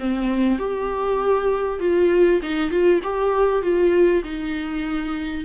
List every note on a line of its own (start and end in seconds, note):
0.00 0.59 C4
0.59 1.80 G4
1.80 2.41 F4
2.43 2.71 D#4
2.71 3.01 F4
3.04 3.63 G4
3.63 4.23 F4
4.25 5.45 D#4